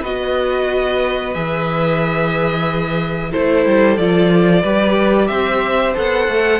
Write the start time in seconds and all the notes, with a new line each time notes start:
0.00 B3 F#4 B4 D#5
1.34 E3 G#4 E5
3.30 A3 E4 A4 C5
3.66 G3
3.97 F3 F4 D5
4.61 G3 G4 B4
5.27 C4 C5 E5
5.94 B3 A4 F#5
6.27 A3